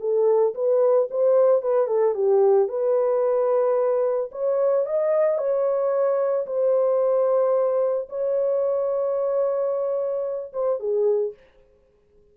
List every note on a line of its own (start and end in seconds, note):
0.00 0.54 A4
0.55 1.09 B4
1.10 1.62 C5
1.62 1.87 B4
1.87 2.14 A4
2.14 2.68 G4
2.68 4.30 B4
4.32 4.86 C#5
4.86 5.38 D#5
5.38 6.46 C#5
6.46 8.08 C5
8.09 10.53 C#5
10.53 10.80 C5
10.80 11.34 G#4